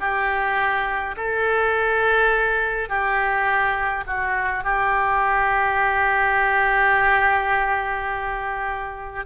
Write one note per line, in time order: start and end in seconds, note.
0.00 1.15 G4
1.16 2.89 A4
2.89 4.04 G4
4.06 4.64 F#4
4.64 9.25 G4